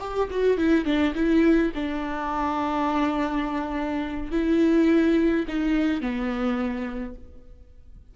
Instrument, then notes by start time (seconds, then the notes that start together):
viola
0.00 G4
0.31 F#4
0.57 E4
0.85 D4
1.15 E4
1.75 D4
4.32 E4
5.48 D#4
6.01 B3